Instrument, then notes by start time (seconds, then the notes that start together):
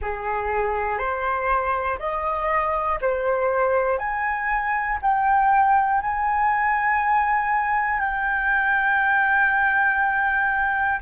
flute
0.01 G#4
0.98 C5
1.99 D#5
3.01 C5
3.98 G#5
5.01 G5
6.01 G#5
8.00 G5